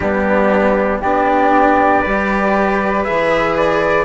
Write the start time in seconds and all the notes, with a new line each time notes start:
0.00 G3 B3 D4 G4
1.00 B3 D4 G4 D5
2.01 G3 G4 B4
3.04 E3 G#4 E5
3.56 D5